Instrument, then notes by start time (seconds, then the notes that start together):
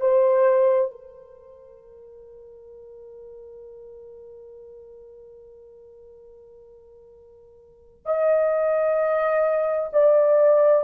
horn
0.00 C5
0.91 A#4
8.05 D#5
9.93 D5